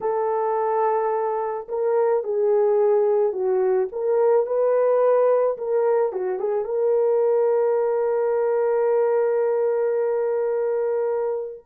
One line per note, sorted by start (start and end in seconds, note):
0.00 1.67 A4
1.68 2.23 A#4
2.23 3.32 G#4
3.32 3.88 F#4
3.92 4.46 A#4
4.46 5.57 B4
5.57 6.12 A#4
6.12 6.39 F#4
6.39 6.64 G#4
6.64 11.64 A#4